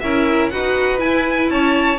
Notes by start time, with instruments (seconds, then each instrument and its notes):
0.00 double bass C#4, viola E4, violin A#4 E5
0.50 double bass D#4, viola F#4, violin B4 F#5
0.98 viola E4, double bass E4, violin G#5
1.50 double bass C#4, violin C#5 A5